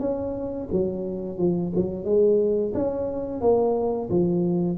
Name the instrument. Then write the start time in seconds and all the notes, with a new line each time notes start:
tuba
0.00 C#4
0.72 F#3
1.39 F3
1.75 F#3
2.05 G#3
2.74 C#4
3.41 A#3
4.10 F3